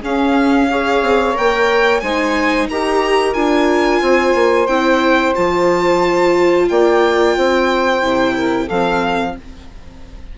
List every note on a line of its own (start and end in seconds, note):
0.00 0.70 C#4
0.00 1.02 C#4
0.00 0.67 G#4
0.00 1.37 F5
0.70 1.33 G#4
0.70 2.02 C#5
1.02 1.35 C4
1.33 2.02 A#3
1.33 2.00 A#4
1.33 2.00 G5
2.00 2.69 G#3
2.00 2.70 D#4
2.00 2.69 C5
2.00 2.67 G#5
2.69 3.35 D#4
2.69 3.34 G4
2.69 4.02 A#4
2.69 3.34 A#5
3.34 4.02 D4
3.34 4.67 F4
3.34 4.67 G#5
4.02 4.34 C4
4.02 6.68 C5
4.34 4.68 A#3
4.67 5.34 C4
4.67 5.35 E4
4.67 5.34 G5
5.35 6.70 F3
5.35 8.02 F4
5.35 6.68 A5
6.68 7.37 A#3
6.68 7.37 D5
6.68 8.68 G5
7.37 8.03 C4
7.37 8.35 C5
8.02 8.70 C3
8.02 8.69 E4
8.35 8.65 A#4
8.65 9.37 F3
8.65 9.32 A4
8.65 9.36 F5
8.71 9.38 C4